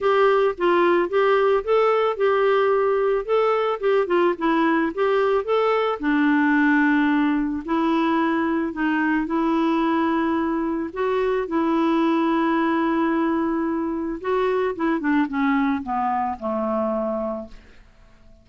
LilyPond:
\new Staff \with { instrumentName = "clarinet" } { \time 4/4 \tempo 4 = 110 g'4 f'4 g'4 a'4 | g'2 a'4 g'8 f'8 | e'4 g'4 a'4 d'4~ | d'2 e'2 |
dis'4 e'2. | fis'4 e'2.~ | e'2 fis'4 e'8 d'8 | cis'4 b4 a2 | }